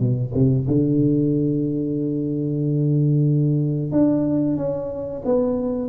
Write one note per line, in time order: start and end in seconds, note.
0.00 0.33 B2
0.34 0.67 C3
0.68 3.92 D3
3.92 4.57 D4
4.57 5.23 C#4
5.25 5.89 B3